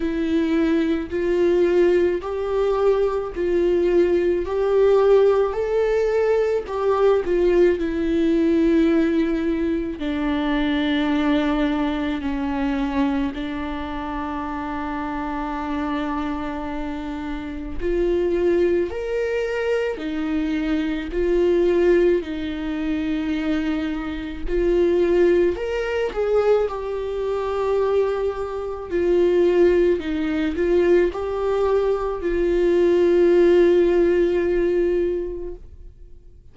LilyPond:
\new Staff \with { instrumentName = "viola" } { \time 4/4 \tempo 4 = 54 e'4 f'4 g'4 f'4 | g'4 a'4 g'8 f'8 e'4~ | e'4 d'2 cis'4 | d'1 |
f'4 ais'4 dis'4 f'4 | dis'2 f'4 ais'8 gis'8 | g'2 f'4 dis'8 f'8 | g'4 f'2. | }